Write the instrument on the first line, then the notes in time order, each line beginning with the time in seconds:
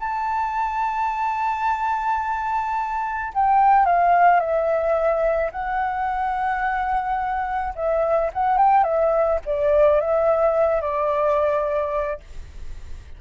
flute
0.00 A5
3.34 G5
3.86 F5
4.40 E5
5.52 F#5
7.75 E5
8.34 F#5
8.58 G5
8.84 E5
9.46 D5
10.01 E5
10.81 D5